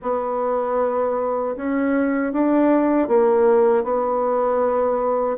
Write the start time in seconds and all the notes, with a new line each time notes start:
0.02 B3
1.56 C#4
2.32 D4
3.08 A#3
3.83 B3